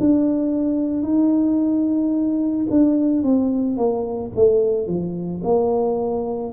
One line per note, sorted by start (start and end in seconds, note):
0.00 1.03 D4
1.03 2.67 D#4
2.70 3.23 D4
3.23 3.77 C4
3.77 4.32 A#3
4.36 4.87 A3
4.87 5.42 F3
5.44 6.53 A#3